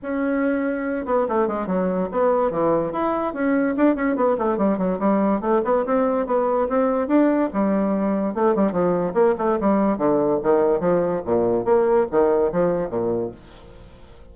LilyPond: \new Staff \with { instrumentName = "bassoon" } { \time 4/4 \tempo 4 = 144 cis'2~ cis'8 b8 a8 gis8 | fis4 b4 e4 e'4 | cis'4 d'8 cis'8 b8 a8 g8 fis8 | g4 a8 b8 c'4 b4 |
c'4 d'4 g2 | a8 g8 f4 ais8 a8 g4 | d4 dis4 f4 ais,4 | ais4 dis4 f4 ais,4 | }